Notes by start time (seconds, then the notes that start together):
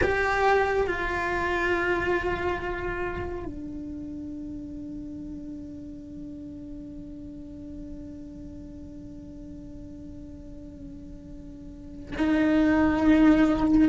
0.02 G4
0.87 F4
3.45 D4
12.17 D#4